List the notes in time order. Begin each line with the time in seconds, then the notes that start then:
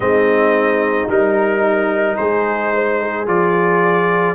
0.00 G#3 C4 D#4 D#5
1.08 G3 D#4 A#4
2.16 G#3 G#4 C5
2.74 C5
3.00 G#4
3.26 F3 F4 D5